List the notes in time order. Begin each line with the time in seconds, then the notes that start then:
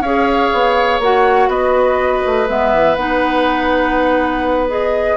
0.00 C#4 G#4 C#5 F5
0.53 B3
0.99 A#3 F#4 F#5
1.48 B3 B4 D#5
2.26 A3
2.48 G#3 B3 E5
2.73 E3
2.95 B3 D#4 F#5
4.68 G#4 D#5